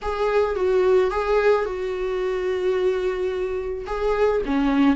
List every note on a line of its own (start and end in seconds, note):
0.02 0.55 G#4
0.55 1.10 F#4
1.10 1.65 G#4
1.65 3.85 F#4
3.86 4.41 G#4
4.45 4.95 C#4